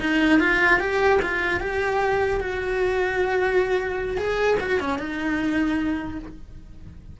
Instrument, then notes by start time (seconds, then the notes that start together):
cello
0.00 D#4
0.40 F4
0.79 G4
1.22 F4
1.60 G4
2.40 F#4
4.17 G#4
4.60 F#4
4.80 C#4
4.98 D#4